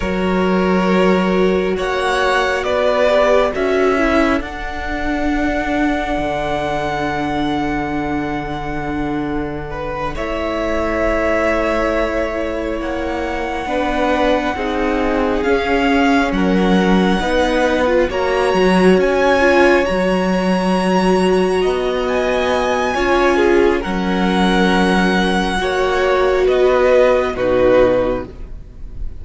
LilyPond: <<
  \new Staff \with { instrumentName = "violin" } { \time 4/4 \tempo 4 = 68 cis''2 fis''4 d''4 | e''4 fis''2.~ | fis''2.~ fis''8 e''8~ | e''2~ e''8 fis''4.~ |
fis''4. f''4 fis''4.~ | fis''8 ais''4 gis''4 ais''4.~ | ais''4 gis''2 fis''4~ | fis''2 dis''4 b'4 | }
  \new Staff \with { instrumentName = "violin" } { \time 4/4 ais'2 cis''4 b'4 | a'1~ | a'2. b'8 cis''8~ | cis''2.~ cis''8 b'8~ |
b'8 gis'2 ais'4 b'8~ | b'8 cis''2.~ cis''8~ | cis''8 dis''4. cis''8 gis'8 ais'4~ | ais'4 cis''4 b'4 fis'4 | }
  \new Staff \with { instrumentName = "viola" } { \time 4/4 fis'2.~ fis'8 g'8 | fis'8 e'8 d'2.~ | d'2.~ d'8 e'8~ | e'2.~ e'8 d'8~ |
d'8 dis'4 cis'2 dis'8~ | dis'16 f'16 fis'4. f'8 fis'4.~ | fis'2 f'4 cis'4~ | cis'4 fis'2 dis'4 | }
  \new Staff \with { instrumentName = "cello" } { \time 4/4 fis2 ais4 b4 | cis'4 d'2 d4~ | d2.~ d8 a8~ | a2~ a8 ais4 b8~ |
b8 c'4 cis'4 fis4 b8~ | b8 ais8 fis8 cis'4 fis4.~ | fis8 b4. cis'4 fis4~ | fis4 ais4 b4 b,4 | }
>>